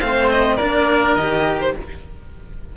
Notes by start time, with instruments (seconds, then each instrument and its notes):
0.00 cello A3 C4, oboe C5, violin F5
0.30 violin D#5
0.56 cello A#3 D4, oboe A#4, violin D5
1.15 cello D#3 G4, violin D#5
1.60 violin C5